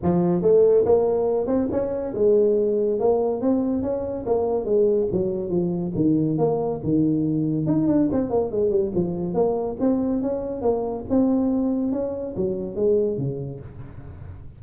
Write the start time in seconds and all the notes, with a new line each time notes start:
0.02 F3
0.42 A3
0.85 A#3
1.46 C4
1.71 C#4
2.14 G#3
2.99 A#3
3.41 C4
3.82 C#4
4.26 A#3
4.65 G#3
5.12 F#3
5.49 F3
5.95 D#3
6.38 A#3
6.83 D#3
7.66 D#4
7.87 D4
8.11 C4
8.29 A#3
8.51 G#3
8.70 G3
8.94 F3
9.34 A#3
9.80 C4
10.22 C#4
10.61 A#3
11.09 C4
11.92 C#4
12.36 F#3
12.75 G#3
13.17 C#3